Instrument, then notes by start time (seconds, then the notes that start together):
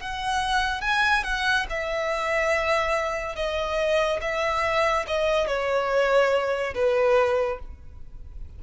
violin
0.00 F#5
0.81 G#5
1.23 F#5
1.69 E5
3.35 D#5
4.21 E5
5.07 D#5
5.47 C#5
6.74 B4